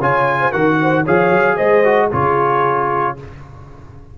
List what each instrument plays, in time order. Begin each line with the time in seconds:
0.00 tuba C#3, trombone F4, horn C#5, trumpet G#5
0.40 horn C5
0.52 tuba D#3, trombone F#4, horn A#4, trumpet F#5
0.82 horn C5
1.04 tuba F3, trombone G#4, horn C#5, trumpet F5
1.31 tuba F#3
1.57 tuba G#3, horn C5, trumpet D#5
1.85 trombone F#4
2.12 tuba C#3, trombone F4, horn G#4, trumpet C#5